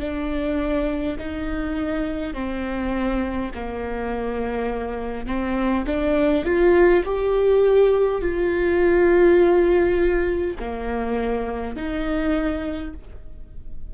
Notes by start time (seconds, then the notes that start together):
0.00 D4
1.19 D#4
2.34 C4
3.55 A#3
5.27 C4
5.87 D4
6.45 F4
7.05 G4
8.22 F4
10.60 A#3
11.76 D#4